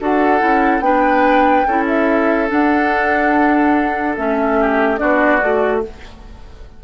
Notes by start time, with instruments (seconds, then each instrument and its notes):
0.00 bassoon D4, clarinet F#4, oboe A4, flute F#5
0.39 bassoon C#4, clarinet E4
0.80 bassoon B3, clarinet D4, oboe B4, flute G5
1.67 bassoon C#4, clarinet E4, oboe A4
1.87 flute E5
2.48 clarinet D4, bassoon D4, flute F#5
4.16 bassoon A3, clarinet C#4, flute E5
4.60 oboe G4
4.97 bassoon B3, clarinet D4, oboe F#4, flute D5
5.41 bassoon A3, clarinet F#4